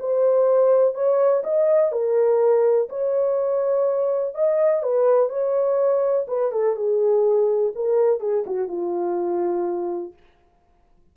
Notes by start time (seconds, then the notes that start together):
0.00 C5
0.95 C#5
1.44 D#5
1.92 A#4
2.90 C#5
4.35 D#5
4.83 B4
5.30 C#5
6.28 B4
6.52 A4
6.77 G#4
7.76 A#4
8.21 G#4
8.47 F#4
8.69 F4